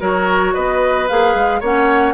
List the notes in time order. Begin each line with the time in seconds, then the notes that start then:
0.00 F#3 F#4 A#4 C#5
0.54 B3 B4 D#5
1.08 A#3 G#4 F5
1.35 G#3
1.60 A#3 C#4 C#5 F#5